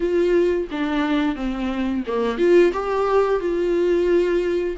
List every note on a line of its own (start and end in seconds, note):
0.00 0.67 F4
0.71 1.35 D4
1.35 2.03 C4
2.06 2.38 A#3
2.38 2.72 F4
2.73 3.40 G4
3.40 4.76 F4